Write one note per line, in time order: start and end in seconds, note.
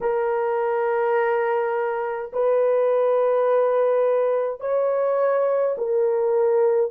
0.00 2.31 A#4
2.32 4.60 B4
4.60 5.75 C#5
5.77 6.91 A#4